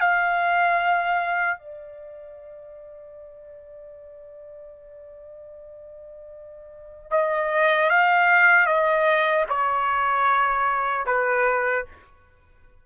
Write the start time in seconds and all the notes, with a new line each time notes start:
0.00 F5
1.58 D5
7.11 D#5
7.89 F5
8.66 D#5
9.49 C#5
11.06 B4